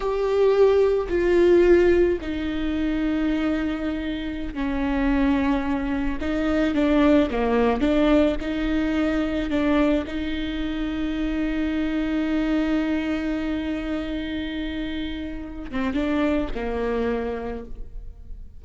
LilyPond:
\new Staff \with { instrumentName = "viola" } { \time 4/4 \tempo 4 = 109 g'2 f'2 | dis'1~ | dis'16 cis'2. dis'8.~ | dis'16 d'4 ais4 d'4 dis'8.~ |
dis'4~ dis'16 d'4 dis'4.~ dis'16~ | dis'1~ | dis'1~ | dis'8 c'8 d'4 ais2 | }